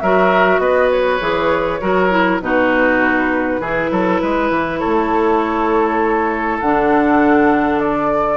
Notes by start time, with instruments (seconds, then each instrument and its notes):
0.00 bassoon F#3, clarinet F#4, oboe A#4, flute E5
0.59 bassoon B3, oboe B4, flute D#5
0.91 flute C#5
1.21 bassoon E3, clarinet G#4
1.81 bassoon F#3, clarinet F#4, oboe A#4
2.11 clarinet E4
2.41 bassoon B2, clarinet D#4, oboe F#4, flute B4
3.60 bassoon E3, clarinet E4, oboe G#4
3.91 bassoon F#3, oboe A4
4.22 bassoon G#3, oboe B4
4.50 bassoon E3
4.79 oboe A4, flute C#5
4.86 bassoon A3
6.60 bassoon D3, clarinet D4, flute F#5
7.80 flute D5